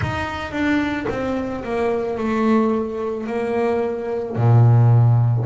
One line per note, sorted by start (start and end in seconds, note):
0.01 0.51 D#4
0.51 1.06 D4
1.09 1.63 C4
1.64 2.17 A#3
2.17 3.26 A3
3.27 4.36 A#3
4.36 5.45 A#2